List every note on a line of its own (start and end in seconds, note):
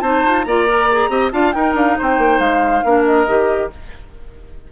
0.00 0.23 C4
0.00 0.46 D#4
0.00 0.45 C5
0.00 0.43 A5
0.25 0.45 F4
0.43 1.09 A#3
0.43 0.67 F4
0.43 1.10 D5
0.43 1.30 A#5
0.67 0.88 A#4
0.91 1.10 G#4
1.09 1.30 C4
1.09 1.31 G4
1.09 1.32 D#5
1.31 1.54 D4
1.31 1.53 F4
1.31 1.54 F5
1.31 1.52 A5
1.52 2.85 D#4
1.52 1.74 D#4
1.52 1.98 A#4
1.52 1.73 G5
1.74 1.95 D4
1.74 1.98 F5
1.98 2.18 C4
1.98 2.85 C5
1.98 2.39 G5
2.18 2.39 A#3
2.39 2.82 G#3
2.39 3.04 F5
2.84 3.27 A#3
2.84 3.27 D4
2.84 3.72 A#4
3.05 3.70 D#5
3.27 3.70 D#3
3.27 3.70 G4